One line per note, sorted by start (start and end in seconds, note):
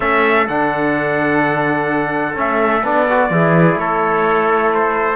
0.00 0.48 A3
0.00 0.47 C#4
0.00 3.30 A4
0.00 0.47 E5
0.48 2.38 D3
0.48 2.34 D4
0.48 2.37 F#5
2.34 2.83 A3
2.34 2.81 C#4
2.34 2.85 E5
2.83 3.30 B3
2.83 3.07 D4
2.83 3.79 D5
3.09 3.31 F#4
3.30 3.76 E3
3.30 5.15 E4
3.30 3.80 G#4
3.76 5.15 A3
3.76 5.15 A4
3.76 4.73 C#5
4.74 5.15 C5